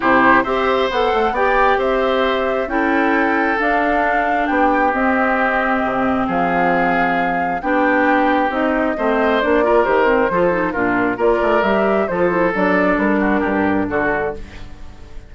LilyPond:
<<
  \new Staff \with { instrumentName = "flute" } { \time 4/4 \tempo 4 = 134 c''4 e''4 fis''4 g''4 | e''2 g''2 | f''2 g''4 dis''4~ | dis''2 f''2~ |
f''4 g''2 dis''4~ | dis''4 d''4 c''2 | ais'4 d''4 e''4 c''4 | d''4 ais'2 a'4 | }
  \new Staff \with { instrumentName = "oboe" } { \time 4/4 g'4 c''2 d''4 | c''2 a'2~ | a'2 g'2~ | g'2 gis'2~ |
gis'4 g'2. | c''4. ais'4. a'4 | f'4 ais'2 a'4~ | a'4. fis'8 g'4 fis'4 | }
  \new Staff \with { instrumentName = "clarinet" } { \time 4/4 e'4 g'4 a'4 g'4~ | g'2 e'2 | d'2. c'4~ | c'1~ |
c'4 d'2 dis'4 | c'4 d'8 f'8 g'8 c'8 f'8 dis'8 | d'4 f'4 g'4 f'8 e'8 | d'1 | }
  \new Staff \with { instrumentName = "bassoon" } { \time 4/4 c4 c'4 b8 a8 b4 | c'2 cis'2 | d'2 b4 c'4~ | c'4 c4 f2~ |
f4 b2 c'4 | a4 ais4 dis4 f4 | ais,4 ais8 a8 g4 f4 | fis4 g4 g,4 d4 | }
>>